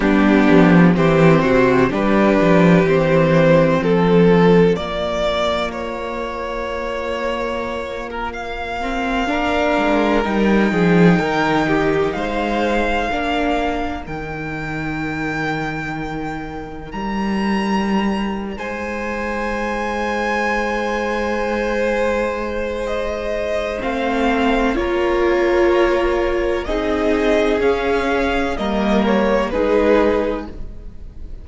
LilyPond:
<<
  \new Staff \with { instrumentName = "violin" } { \time 4/4 \tempo 4 = 63 g'4 c''4 b'4 c''4 | a'4 d''4 cis''2~ | cis''8 ais'16 f''2 g''4~ g''16~ | g''8. f''2 g''4~ g''16~ |
g''4.~ g''16 ais''4.~ ais''16 gis''8~ | gis''1 | dis''4 f''4 cis''2 | dis''4 f''4 dis''8 cis''8 b'4 | }
  \new Staff \with { instrumentName = "violin" } { \time 4/4 d'4 g'8 fis'8 g'2 | f'1~ | f'4.~ f'16 ais'4. gis'8 ais'16~ | ais'16 g'8 c''4 ais'2~ ais'16~ |
ais'2.~ ais'8 c''8~ | c''1~ | c''2 ais'2 | gis'2 ais'4 gis'4 | }
  \new Staff \with { instrumentName = "viola" } { \time 4/4 b4 c'4 d'4 c'4~ | c'4 ais2.~ | ais4~ ais16 c'8 d'4 dis'4~ dis'16~ | dis'4.~ dis'16 d'4 dis'4~ dis'16~ |
dis'1~ | dis'1~ | dis'4 c'4 f'2 | dis'4 cis'4 ais4 dis'4 | }
  \new Staff \with { instrumentName = "cello" } { \time 4/4 g8 f8 e8 c8 g8 f8 e4 | f4 ais2.~ | ais2~ ais16 gis8 g8 f8 dis16~ | dis8. gis4 ais4 dis4~ dis16~ |
dis4.~ dis16 g4.~ g16 gis8~ | gis1~ | gis4 a4 ais2 | c'4 cis'4 g4 gis4 | }
>>